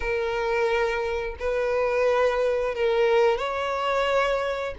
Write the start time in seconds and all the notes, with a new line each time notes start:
0.00 A#4
1.39 B4
2.74 A#4
3.38 C#5